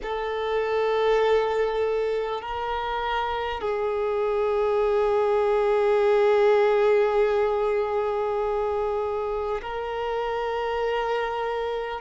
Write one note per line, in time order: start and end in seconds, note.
0.02 2.41 A4
2.41 3.61 A#4
3.61 9.61 G#4
9.61 12.01 A#4